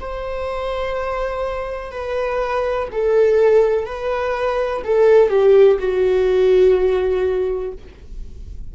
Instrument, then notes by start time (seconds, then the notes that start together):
viola
0.00 C5
1.91 B4
2.92 A4
3.85 B4
4.84 A4
5.29 G4
5.78 F#4